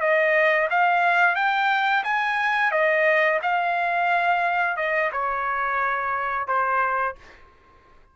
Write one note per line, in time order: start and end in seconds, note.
0.00 0.68 D#5
0.70 1.35 F5
1.35 2.04 G5
2.04 2.71 G#5
2.71 3.40 D#5
3.42 4.77 F5
4.77 5.11 D#5
5.12 6.47 C#5
6.47 7.16 C5